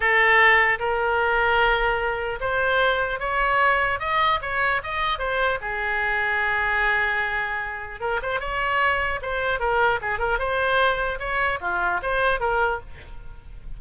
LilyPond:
\new Staff \with { instrumentName = "oboe" } { \time 4/4 \tempo 4 = 150 a'2 ais'2~ | ais'2 c''2 | cis''2 dis''4 cis''4 | dis''4 c''4 gis'2~ |
gis'1 | ais'8 c''8 cis''2 c''4 | ais'4 gis'8 ais'8 c''2 | cis''4 f'4 c''4 ais'4 | }